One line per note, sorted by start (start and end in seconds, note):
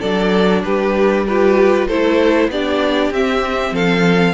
0.00 0.64 F#3
0.00 1.27 D4
0.00 0.62 A4
0.00 0.62 D5
0.64 1.88 G3
0.64 1.27 G4
0.64 1.26 B4
1.27 1.90 F4
1.27 1.88 G4
1.27 1.88 B4
1.88 2.48 A3
1.88 2.52 E4
1.88 2.49 A4
1.88 2.50 C5
2.48 3.10 B3
2.48 3.13 D4
2.48 3.74 G4
2.48 3.13 D5
3.11 3.72 C4
3.11 4.34 C4
3.11 3.75 E5
3.72 4.33 F3
3.72 4.34 A4
3.72 4.34 F5